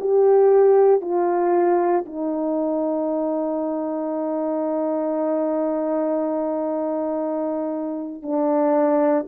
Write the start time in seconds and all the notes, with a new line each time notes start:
0.00 G4
1.01 F4
2.06 D#4
8.22 D4